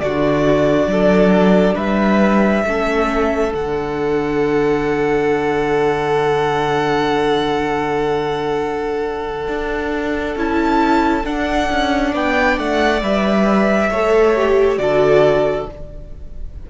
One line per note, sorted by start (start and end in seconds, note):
0.00 0.86 D3
0.00 2.66 D4
0.00 0.90 F#4
0.00 1.76 D5
0.86 1.75 F#3
0.86 1.74 A4
1.74 2.64 G3
1.74 2.62 B4
1.74 3.52 E5
2.64 3.53 A3
2.64 3.51 C#4
2.64 12.12 A4
3.51 9.47 D3
3.51 10.35 D4
3.51 10.37 F#5
9.47 10.35 D4
10.35 11.24 C#4
10.35 11.23 E4
10.35 11.26 A5
11.23 12.99 D4
11.23 11.69 D4
11.23 12.14 F#5
11.70 12.14 C#4
12.12 12.58 B3
12.12 13.89 D5
12.12 12.58 G5
12.58 13.01 A3
12.58 13.02 F#5
13.01 13.90 G3
13.01 13.90 B4
13.01 14.77 E5
13.90 14.78 A3
13.90 14.35 A4
13.90 14.78 C#5
14.35 14.78 G4
14.77 15.66 D3
14.77 15.66 F#4
14.77 15.70 A4
14.77 15.66 D5